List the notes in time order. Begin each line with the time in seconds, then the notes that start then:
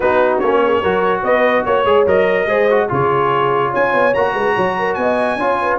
0.00 B3 D#4 F#4 B4
0.39 A#3 C#4 C#5
0.64 G#4
0.81 F#3 F#4 A#4
1.22 B3 B4 D#5
1.64 A#3 C#5
1.85 G#3 G#4
2.06 F#3 A#4 D#5
2.46 G#3 G#4 C5
2.70 F#4
2.88 C#3 F4 G#4 C#5
3.70 C#4 C#5 G#5
3.93 B3
4.14 A#3 F#4 A#5
4.33 G#3 B4
4.55 F#3 C#5
4.78 A#4
4.94 B3 D#5 G#5
5.36 C#4 F4 C#5
5.61 B4